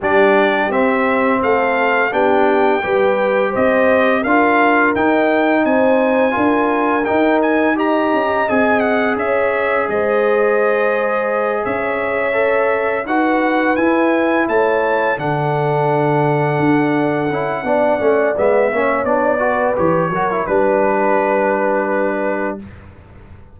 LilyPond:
<<
  \new Staff \with { instrumentName = "trumpet" } { \time 4/4 \tempo 4 = 85 d''4 e''4 f''4 g''4~ | g''4 dis''4 f''4 g''4 | gis''2 g''8 gis''8 ais''4 | gis''8 fis''8 e''4 dis''2~ |
dis''8 e''2 fis''4 gis''8~ | gis''8 a''4 fis''2~ fis''8~ | fis''2 e''4 d''4 | cis''4 b'2. | }
  \new Staff \with { instrumentName = "horn" } { \time 4/4 g'2 a'4 g'4 | b'4 c''4 ais'2 | c''4 ais'2 dis''4~ | dis''4 cis''4 c''2~ |
c''8 cis''2 b'4.~ | b'8 cis''4 a'2~ a'8~ | a'4 d''4. cis''4 b'8~ | b'8 ais'8 b'2. | }
  \new Staff \with { instrumentName = "trombone" } { \time 4/4 d'4 c'2 d'4 | g'2 f'4 dis'4~ | dis'4 f'4 dis'4 g'4 | gis'1~ |
gis'4. a'4 fis'4 e'8~ | e'4. d'2~ d'8~ | d'8 e'8 d'8 cis'8 b8 cis'8 d'8 fis'8 | g'8 fis'16 e'16 d'2. | }
  \new Staff \with { instrumentName = "tuba" } { \time 4/4 g4 c'4 a4 b4 | g4 c'4 d'4 dis'4 | c'4 d'4 dis'4. cis'8 | c'4 cis'4 gis2~ |
gis8 cis'2 dis'4 e'8~ | e'8 a4 d2 d'8~ | d'8 cis'8 b8 a8 gis8 ais8 b4 | e8 fis8 g2. | }
>>